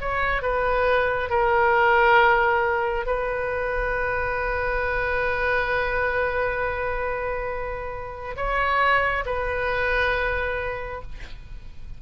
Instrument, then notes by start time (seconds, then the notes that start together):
oboe
0.00 C#5
0.42 B4
1.29 A#4
3.06 B4
8.36 C#5
9.25 B4